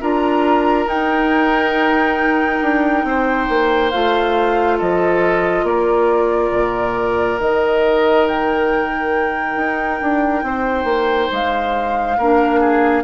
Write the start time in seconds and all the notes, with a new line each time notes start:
0.00 D4 F4 A#4 A#5
0.86 D#4 G5
2.61 D4
3.04 C4 C5
3.49 A#3
3.90 A3 F4 F5
4.77 F3 A4 D#5
5.63 A#3 A#4 D5
6.53 A#2
7.37 D#3 D#4 D#5
8.27 G5
9.56 D#4
10.01 D4
10.42 C4 C5
10.84 A#3
11.31 G#3 F5
12.17 A#3 D4 A#4
12.59 G#4